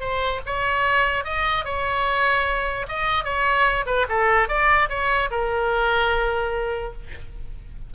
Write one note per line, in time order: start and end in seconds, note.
0.00 0.41 C5
0.46 1.24 C#5
1.24 1.65 D#5
1.65 2.86 C#5
2.88 3.24 D#5
3.24 3.85 C#5
3.86 4.06 B4
4.09 4.48 A4
4.48 4.89 D5
4.89 5.29 C#5
5.31 6.93 A#4